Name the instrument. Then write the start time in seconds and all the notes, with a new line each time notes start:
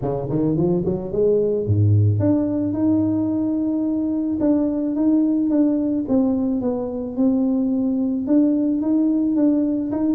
tuba
0.01 C#3
0.29 D#3
0.56 F3
0.85 F#3
1.12 G#3
1.66 G#2
2.19 D4
2.73 D#4
4.40 D4
4.95 D#4
5.50 D4
6.08 C4
6.61 B3
7.16 C4
8.26 D4
8.81 D#4
9.36 D4
9.91 D#4